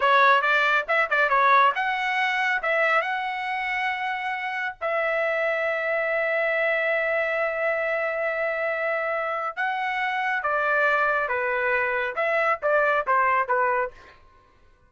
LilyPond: \new Staff \with { instrumentName = "trumpet" } { \time 4/4 \tempo 4 = 138 cis''4 d''4 e''8 d''8 cis''4 | fis''2 e''4 fis''4~ | fis''2. e''4~ | e''1~ |
e''1~ | e''2 fis''2 | d''2 b'2 | e''4 d''4 c''4 b'4 | }